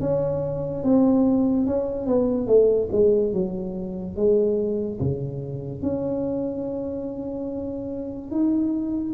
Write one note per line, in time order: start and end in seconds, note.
0.00 0.83 C#4
0.83 1.66 C4
1.66 2.06 C#4
2.06 2.47 B3
2.47 2.89 A3
2.92 3.33 G#3
3.33 4.16 F#3
4.16 4.99 G#3
5.00 5.82 C#3
5.82 8.31 C#4
8.31 9.14 D#4